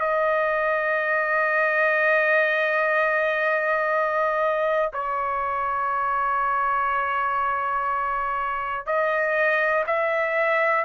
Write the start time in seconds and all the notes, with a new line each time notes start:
0.00 D#5
4.93 C#5
8.86 D#5
9.86 E5